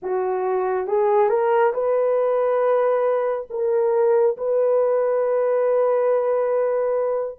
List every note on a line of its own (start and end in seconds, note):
0.02 0.87 F#4
0.87 1.29 G#4
1.29 1.72 A#4
1.73 3.47 B4
3.49 4.36 A#4
4.37 7.38 B4